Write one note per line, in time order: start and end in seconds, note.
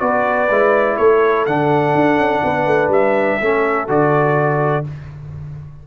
0.00 0.50 B3
0.00 0.48 F#4
0.00 0.98 B4
0.00 0.97 D5
0.50 0.98 G#3
0.50 1.48 E4
0.97 1.47 A3
0.97 2.44 A4
0.97 1.46 C#5
1.47 1.95 D3
1.47 3.42 D4
1.47 2.92 F#5
1.95 2.18 D4
2.18 2.42 C#4
2.44 2.67 B3
2.44 3.41 B4
2.67 2.89 A3
2.89 3.37 G3
2.89 3.89 E5
3.42 3.89 A3
3.42 3.88 C#4
3.42 4.87 A4
3.88 4.85 D3
3.88 4.85 F#4
3.88 4.87 D5